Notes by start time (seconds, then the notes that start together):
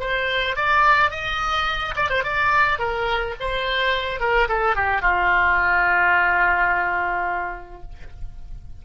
0.00 C5
0.56 D5
1.11 D#5
1.96 D5
2.10 C5
2.24 D5
2.79 A#4
3.40 C5
4.20 A#4
4.48 A4
4.75 G4
5.02 F4